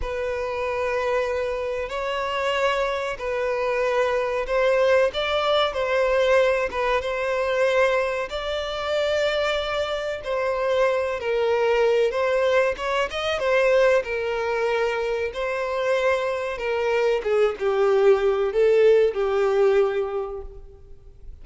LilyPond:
\new Staff \with { instrumentName = "violin" } { \time 4/4 \tempo 4 = 94 b'2. cis''4~ | cis''4 b'2 c''4 | d''4 c''4. b'8 c''4~ | c''4 d''2. |
c''4. ais'4. c''4 | cis''8 dis''8 c''4 ais'2 | c''2 ais'4 gis'8 g'8~ | g'4 a'4 g'2 | }